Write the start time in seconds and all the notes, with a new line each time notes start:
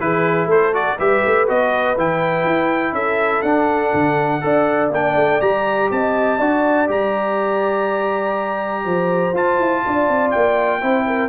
0.00 E3 E4 G#4 B4
0.46 A3 A4 C5
0.73 F#4 D5
0.97 G3 G4 B4 E5
1.25 A3
1.47 B3 F#4 D#5
1.97 E3 E4 G5
2.44 E4
2.92 C#4 A4 E5
3.42 D4 F#5
3.94 D3
4.41 D4 A4 D5
4.90 A#3 D4 G5
5.16 A3
5.41 G3 G4 A#5
5.91 C4 D#5 A5
6.38 D4 F#4 D5
6.88 G3 G4 A#5
8.85 F3 C5
9.34 F4 A5
9.59 E4
9.86 D4 D5
10.09 C4
10.31 A#3 G5
10.81 C4 E4 C5
11.07 A#4